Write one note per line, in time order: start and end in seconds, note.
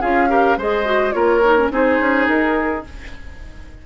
0.00 0.57 C#4
0.00 0.28 F4
0.00 0.28 G#4
0.00 0.58 F5
0.28 0.57 G4
0.28 0.58 A#4
0.57 1.13 G#3
0.57 0.85 G#4
0.57 1.14 C5
0.57 1.12 D#5
0.85 1.12 F#4
1.12 1.70 A#3
1.12 1.40 F4
1.12 1.71 A#4
1.12 1.68 C#5
1.44 1.57 D#4
1.57 1.71 C#4
1.71 1.99 C4
1.71 2.84 D#4
1.71 2.85 G#4
1.71 2.27 C5
1.99 2.27 C#4
2.27 2.85 D#4
2.27 2.84 A#4